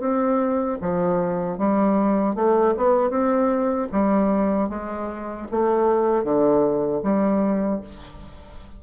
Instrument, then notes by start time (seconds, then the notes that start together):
bassoon
0.00 C4
0.81 F3
1.58 G3
2.36 A3
2.77 B3
3.10 C4
3.92 G3
4.69 G#3
5.51 A3
6.24 D3
7.03 G3